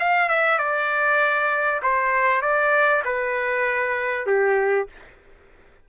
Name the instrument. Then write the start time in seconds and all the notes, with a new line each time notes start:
trumpet
0.00 F5
0.29 E5
0.58 D5
1.83 C5
2.42 D5
3.05 B4
4.27 G4